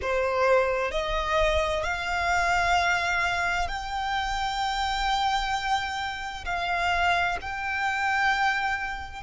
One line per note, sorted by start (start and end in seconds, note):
0.01 0.91 C5
0.91 1.83 D#5
1.83 3.68 F5
3.68 6.44 G5
6.45 7.37 F5
7.41 9.23 G5